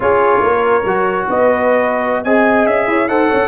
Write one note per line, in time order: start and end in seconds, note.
0.00 0.40 C#4
0.00 0.83 F4
0.00 0.42 G#4
0.00 1.28 C#5
0.42 0.84 A#3
0.42 1.27 A#4
0.84 1.27 F#3
0.84 2.25 F#4
1.29 2.24 B3
1.29 2.24 B4
1.29 2.23 D#5
2.23 2.66 C4
2.23 3.09 G#4
2.23 2.88 D#5
2.23 2.66 G#5
2.66 2.87 C#4
2.66 3.08 E5
2.87 3.08 E4
2.87 3.09 C#5
3.08 3.29 D#4
3.08 3.48 A4
3.08 3.27 C5
3.08 3.48 F#5
3.27 3.48 C#4
3.27 3.48 C#5